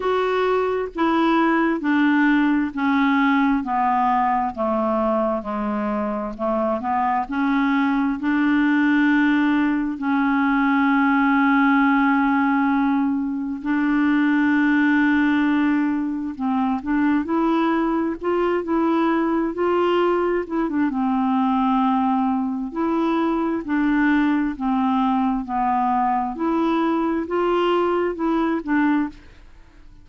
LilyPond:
\new Staff \with { instrumentName = "clarinet" } { \time 4/4 \tempo 4 = 66 fis'4 e'4 d'4 cis'4 | b4 a4 gis4 a8 b8 | cis'4 d'2 cis'4~ | cis'2. d'4~ |
d'2 c'8 d'8 e'4 | f'8 e'4 f'4 e'16 d'16 c'4~ | c'4 e'4 d'4 c'4 | b4 e'4 f'4 e'8 d'8 | }